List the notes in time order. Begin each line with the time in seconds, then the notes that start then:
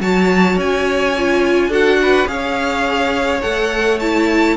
0.00 F#3 F#4 C#5 A5
0.57 C#4 G#5
1.18 F4
1.68 D4 F#4 A4 F#5
2.02 B4
2.27 C#4 G#4 C#5 F5
3.41 A3 A4 F#5
3.99 E4 A5